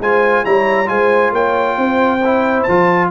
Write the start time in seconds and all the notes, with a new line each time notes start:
0.00 G#3 F4 C5 G#5
0.44 G3 E4 C#5 A#5
0.86 G#3 F4 C5 G#5
1.32 A#3 C#5 G5
1.77 C4 C5
2.24 E4
2.63 F3 F4 A5